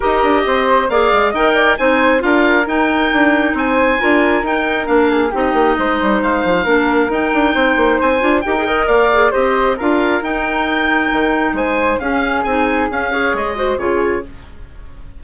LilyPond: <<
  \new Staff \with { instrumentName = "oboe" } { \time 4/4 \tempo 4 = 135 dis''2 f''4 g''4 | gis''4 f''4 g''2 | gis''2 g''4 f''4 | dis''2 f''2 |
g''2 gis''4 g''4 | f''4 dis''4 f''4 g''4~ | g''2 gis''4 f''4 | gis''4 f''4 dis''4 cis''4 | }
  \new Staff \with { instrumentName = "flute" } { \time 4/4 ais'4 c''4 d''4 dis''8 d''8 | c''4 ais'2. | c''4 ais'2~ ais'8 gis'8 | g'4 c''2 ais'4~ |
ais'4 c''2 ais'8 dis''8 | d''4 c''4 ais'2~ | ais'2 c''4 gis'4~ | gis'4. cis''4 c''8 gis'4 | }
  \new Staff \with { instrumentName = "clarinet" } { \time 4/4 g'2 gis'4 ais'4 | dis'4 f'4 dis'2~ | dis'4 f'4 dis'4 d'4 | dis'2. d'4 |
dis'2~ dis'8 f'8 g'16 gis'16 ais'8~ | ais'8 gis'8 g'4 f'4 dis'4~ | dis'2. cis'4 | dis'4 cis'8 gis'4 fis'8 f'4 | }
  \new Staff \with { instrumentName = "bassoon" } { \time 4/4 dis'8 d'8 c'4 ais8 gis8 dis'4 | c'4 d'4 dis'4 d'4 | c'4 d'4 dis'4 ais4 | c'8 ais8 gis8 g8 gis8 f8 ais4 |
dis'8 d'8 c'8 ais8 c'8 d'8 dis'4 | ais4 c'4 d'4 dis'4~ | dis'4 dis4 gis4 cis'4 | c'4 cis'4 gis4 cis4 | }
>>